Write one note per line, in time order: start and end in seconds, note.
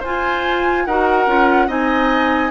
0.00 0.87 F4
0.00 0.88 F4
0.00 0.83 C5
0.00 0.86 G#5
0.86 1.27 D#4
0.86 1.28 F#4
0.86 1.68 A#4
0.86 1.69 F#5
1.27 1.68 C#4
1.27 1.68 F4
1.68 2.51 C4
1.68 2.51 D#4
1.68 2.51 D#5
1.68 2.51 G#5